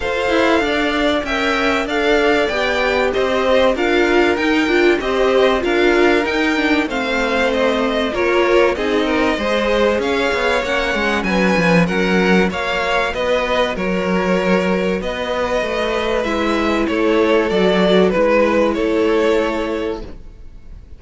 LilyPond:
<<
  \new Staff \with { instrumentName = "violin" } { \time 4/4 \tempo 4 = 96 f''2 g''4 f''4 | g''4 dis''4 f''4 g''4 | dis''4 f''4 g''4 f''4 | dis''4 cis''4 dis''2 |
f''4 fis''4 gis''4 fis''4 | f''4 dis''4 cis''2 | dis''2 e''4 cis''4 | d''4 b'4 cis''2 | }
  \new Staff \with { instrumentName = "violin" } { \time 4/4 c''4 d''4 e''4 d''4~ | d''4 c''4 ais'2 | c''4 ais'2 c''4~ | c''4 ais'4 gis'8 ais'8 c''4 |
cis''2 b'4 ais'4 | cis''4 b'4 ais'2 | b'2. a'4~ | a'4 b'4 a'2 | }
  \new Staff \with { instrumentName = "viola" } { \time 4/4 a'2 ais'4 a'4 | g'2 f'4 dis'8 f'8 | g'4 f'4 dis'8 d'8 c'4~ | c'4 f'4 dis'4 gis'4~ |
gis'4 cis'2. | fis'1~ | fis'2 e'2 | fis'4 e'2. | }
  \new Staff \with { instrumentName = "cello" } { \time 4/4 f'8 e'8 d'4 cis'4 d'4 | b4 c'4 d'4 dis'8 d'8 | c'4 d'4 dis'4 a4~ | a4 ais4 c'4 gis4 |
cis'8 b8 ais8 gis8 fis8 f8 fis4 | ais4 b4 fis2 | b4 a4 gis4 a4 | fis4 gis4 a2 | }
>>